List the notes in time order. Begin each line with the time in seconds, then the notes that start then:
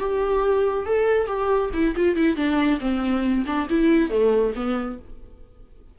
0.00 G4
0.86 A4
1.28 G4
1.74 E4
1.96 F4
2.16 E4
2.37 D4
2.81 C4
3.46 D4
3.70 E4
4.10 A3
4.56 B3